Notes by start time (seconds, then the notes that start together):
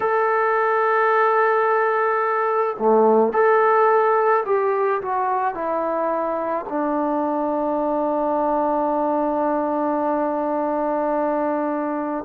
0.00 A4
2.78 A3
3.32 A4
4.45 G4
5.01 F#4
5.54 E4
6.69 D4